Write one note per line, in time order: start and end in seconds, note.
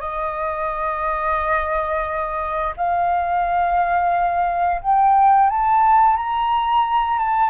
0.00 2.73 D#5
2.76 4.81 F5
4.81 5.49 G5
5.49 6.16 A5
6.16 7.18 A#5
7.18 7.50 A5